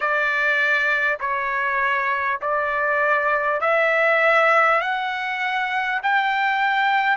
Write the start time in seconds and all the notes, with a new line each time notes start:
0.00 D5
1.19 C#5
2.41 D5
3.60 E5
4.81 F#5
6.02 G5